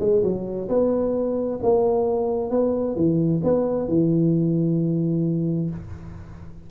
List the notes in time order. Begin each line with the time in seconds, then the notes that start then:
0.00 G#3
0.23 F#3
0.69 B3
1.63 A#3
2.50 B3
2.96 E3
3.44 B3
3.88 E3